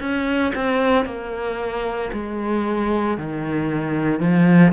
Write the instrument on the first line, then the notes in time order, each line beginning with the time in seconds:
cello
0.00 C#4
0.55 C4
1.05 A#3
2.13 G#3
3.18 D#3
4.20 F3